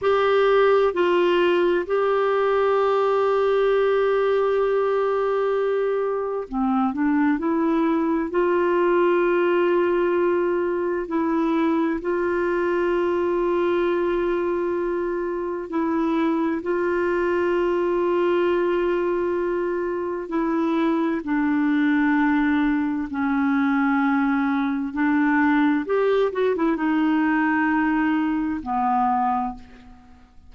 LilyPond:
\new Staff \with { instrumentName = "clarinet" } { \time 4/4 \tempo 4 = 65 g'4 f'4 g'2~ | g'2. c'8 d'8 | e'4 f'2. | e'4 f'2.~ |
f'4 e'4 f'2~ | f'2 e'4 d'4~ | d'4 cis'2 d'4 | g'8 fis'16 e'16 dis'2 b4 | }